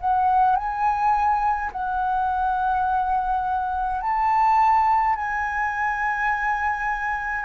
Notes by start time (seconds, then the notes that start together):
0.00 F#5
0.56 G#5
1.72 F#5
4.01 A5
5.16 G#5